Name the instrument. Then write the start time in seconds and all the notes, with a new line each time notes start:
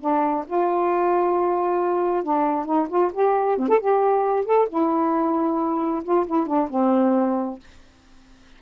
saxophone
0.00 D4
0.46 F4
2.23 D4
2.65 D#4
2.89 F4
3.13 G4
3.57 C4
3.68 A4
3.79 G4
4.45 A4
4.69 E4
6.04 F4
6.26 E4
6.46 D4
6.70 C4